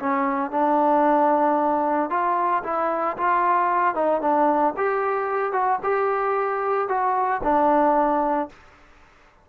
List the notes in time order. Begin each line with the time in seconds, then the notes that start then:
0.00 C#4
0.51 D4
2.10 F4
2.64 E4
3.18 F4
3.95 D#4
4.21 D4
4.77 G4
5.53 F#4
5.83 G4
6.89 F#4
7.43 D4